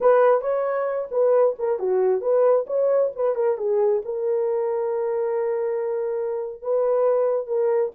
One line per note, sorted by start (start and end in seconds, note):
0.00 0.41 B4
0.41 1.08 C#5
1.11 1.55 B4
1.59 1.79 A#4
1.79 2.21 F#4
2.21 2.65 B4
2.66 3.11 C#5
3.15 3.35 B4
3.35 3.57 A#4
3.57 4.02 G#4
4.04 6.61 A#4
6.61 7.47 B4
7.47 7.91 A#4